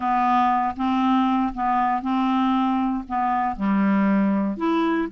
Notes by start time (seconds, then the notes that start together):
0.00 B3
0.76 C4
1.53 B3
2.02 C4
3.08 B3
3.55 G3
4.57 E4